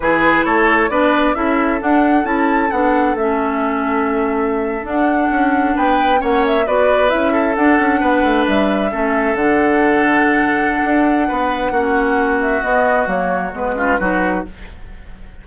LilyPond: <<
  \new Staff \with { instrumentName = "flute" } { \time 4/4 \tempo 4 = 133 b'4 cis''4 d''4 e''4 | fis''4 a''4 fis''4 e''4~ | e''2~ e''8. fis''4~ fis''16~ | fis''8. g''4 fis''8 e''8 d''4 e''16~ |
e''8. fis''2 e''4~ e''16~ | e''8. fis''2.~ fis''16~ | fis''2.~ fis''8 e''8 | dis''4 cis''4 b'2 | }
  \new Staff \with { instrumentName = "oboe" } { \time 4/4 gis'4 a'4 b'4 a'4~ | a'1~ | a'1~ | a'8. b'4 cis''4 b'4~ b'16~ |
b'16 a'4. b'2 a'16~ | a'1~ | a'4 b'4 fis'2~ | fis'2~ fis'8 f'8 fis'4 | }
  \new Staff \with { instrumentName = "clarinet" } { \time 4/4 e'2 d'4 e'4 | d'4 e'4 d'4 cis'4~ | cis'2~ cis'8. d'4~ d'16~ | d'4.~ d'16 cis'4 fis'4 e'16~ |
e'8. d'2. cis'16~ | cis'8. d'2.~ d'16~ | d'2 cis'2 | b4 ais4 b8 cis'8 dis'4 | }
  \new Staff \with { instrumentName = "bassoon" } { \time 4/4 e4 a4 b4 cis'4 | d'4 cis'4 b4 a4~ | a2~ a8. d'4 cis'16~ | cis'8. b4 ais4 b4 cis'16~ |
cis'8. d'8 cis'8 b8 a8 g4 a16~ | a8. d2.~ d16 | d'4 b4 ais2 | b4 fis4 gis4 fis4 | }
>>